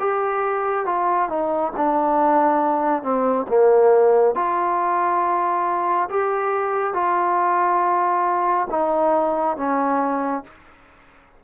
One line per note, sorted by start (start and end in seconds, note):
0.00 0.86 G4
0.86 1.30 F4
1.30 1.73 D#4
1.77 3.04 D4
3.04 3.47 C4
3.49 4.35 A#3
4.35 6.09 F4
6.10 6.94 G4
6.94 8.68 F4
8.70 9.57 D#4
9.57 10.44 C#4